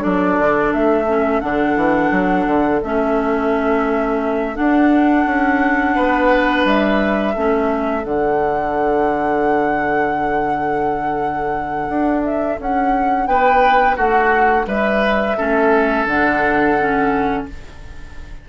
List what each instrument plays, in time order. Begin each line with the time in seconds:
0.00 bassoon F#3, clarinet D4, oboe A4, flute D5
0.39 bassoon D3
0.74 bassoon A3, flute E5
1.08 clarinet C#4
1.41 bassoon D3, clarinet D4, flute F#5
1.76 bassoon E3
2.12 bassoon F#3
2.47 bassoon D3
2.83 bassoon A3, clarinet C#4, flute E5
4.55 clarinet D4, bassoon D4, flute F#5
5.26 bassoon C#4
5.96 bassoon B3, oboe B4
6.65 bassoon G3, flute E5
7.35 bassoon A3, clarinet C#4, oboe A4
8.03 bassoon D3, clarinet D4, flute F#5
11.89 bassoon D4
12.24 flute E5
12.60 bassoon C#4, flute F#5
13.27 bassoon B3, oboe B4, flute G5
13.97 bassoon A3, oboe F#4, flute F#5
14.67 bassoon G3, oboe B4, flute E5
15.38 bassoon A3, clarinet C#4, oboe A4
16.06 bassoon D3, clarinet D4, flute F#5
16.80 clarinet C#4